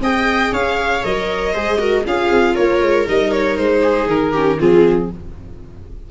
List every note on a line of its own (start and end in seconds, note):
0.00 0.51 C4
0.00 1.04 G#4
0.00 0.52 D#5
0.00 0.54 G5
0.51 1.02 C#4
0.51 1.53 C#5
0.51 1.04 F5
1.04 1.55 F#3
1.04 1.54 A#4
1.04 2.06 D#5
1.53 2.05 G#3
1.53 1.78 G#4
1.53 1.78 C5
1.78 2.04 F#4
1.78 2.04 A#4
2.05 2.30 C#4
2.05 3.06 F4
2.05 2.53 G#4
2.05 2.55 F5
2.30 2.56 C4
2.53 2.81 A#3
2.53 3.80 A#4
2.53 3.06 C#5
2.81 3.06 G#3
3.06 3.58 G3
3.06 4.33 D#4
3.06 3.31 D#5
3.31 3.57 C#5
3.57 4.07 G#3
3.57 4.08 C5
3.82 4.32 G#4
4.07 4.58 D#3
4.07 4.59 A#4
4.32 4.58 C#4
4.32 4.57 G4
4.58 5.11 F3
4.58 5.09 C4
4.58 5.10 F4
4.58 5.10 G#4